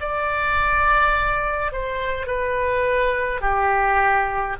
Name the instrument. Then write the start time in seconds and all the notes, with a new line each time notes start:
oboe
0.00 D5
1.72 C5
2.27 B4
3.41 G4